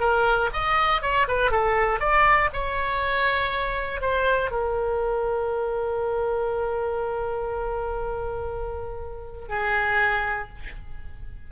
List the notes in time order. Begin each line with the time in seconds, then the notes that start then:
0.00 A#4
0.53 D#5
1.02 C#5
1.28 B4
1.51 A4
2.00 D5
2.53 C#5
4.01 C5
4.51 A#4
9.49 G#4